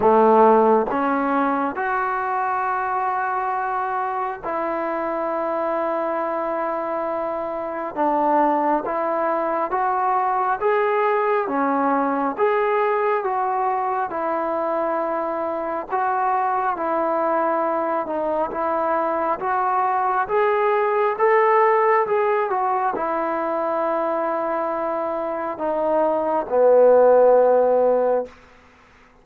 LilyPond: \new Staff \with { instrumentName = "trombone" } { \time 4/4 \tempo 4 = 68 a4 cis'4 fis'2~ | fis'4 e'2.~ | e'4 d'4 e'4 fis'4 | gis'4 cis'4 gis'4 fis'4 |
e'2 fis'4 e'4~ | e'8 dis'8 e'4 fis'4 gis'4 | a'4 gis'8 fis'8 e'2~ | e'4 dis'4 b2 | }